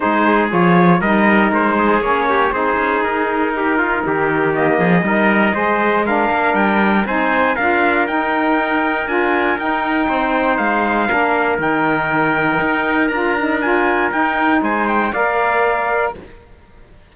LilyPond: <<
  \new Staff \with { instrumentName = "trumpet" } { \time 4/4 \tempo 4 = 119 c''4 cis''4 dis''4 c''4 | cis''4 c''4 ais'2~ | ais'4 dis''2. | f''4 g''4 gis''4 f''4 |
g''2 gis''4 g''4~ | g''4 f''2 g''4~ | g''2 ais''4 gis''4 | g''4 gis''8 g''8 f''2 | }
  \new Staff \with { instrumentName = "trumpet" } { \time 4/4 gis'2 ais'4. gis'8~ | gis'8 g'8 gis'2 g'8 f'8 | g'4. gis'8 ais'4 c''4 | ais'2 c''4 ais'4~ |
ais'1 | c''2 ais'2~ | ais'1~ | ais'4 c''4 d''2 | }
  \new Staff \with { instrumentName = "saxophone" } { \time 4/4 dis'4 f'4 dis'2 | cis'4 dis'2.~ | dis'4 ais4 dis'4 gis'4 | d'2 dis'4 f'4 |
dis'2 f'4 dis'4~ | dis'2 d'4 dis'4~ | dis'2 f'8 dis'8 f'4 | dis'2 ais'2 | }
  \new Staff \with { instrumentName = "cello" } { \time 4/4 gis4 f4 g4 gis4 | ais4 c'8 cis'8 dis'2 | dis4. f8 g4 gis4~ | gis8 ais8 g4 c'4 d'4 |
dis'2 d'4 dis'4 | c'4 gis4 ais4 dis4~ | dis4 dis'4 d'2 | dis'4 gis4 ais2 | }
>>